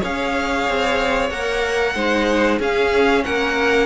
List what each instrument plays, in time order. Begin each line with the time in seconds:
0.00 cello C#4, viola G#4, violin C#5 F5
0.68 cello C4
1.30 cello A#3, viola A#4, violin F#5
1.94 cello G#3, viola D#4, violin C5
2.59 cello C#4, viola C#4, violin G#4 F5
3.24 cello A#3, violin A#4 F#5